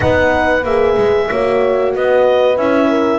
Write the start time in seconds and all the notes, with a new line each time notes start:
0.00 B3 D#4 B4 F#5
0.64 A#3 G#4 E5
0.97 G#3
1.30 A#3 F#4 C#5
1.95 B3 B4 D#5
2.57 C#4 E4 E5
2.89 A#4